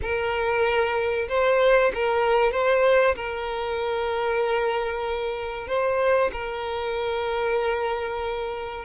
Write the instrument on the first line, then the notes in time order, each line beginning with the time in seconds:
violin
0.01 A#4
1.28 C5
1.94 A#4
2.52 C5
3.15 A#4
5.67 C5
6.32 A#4